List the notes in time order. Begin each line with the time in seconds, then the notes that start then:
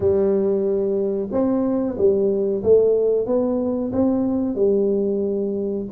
0.00 G3
1.31 C4
1.97 G3
2.63 A3
3.26 B3
3.92 C4
4.55 G3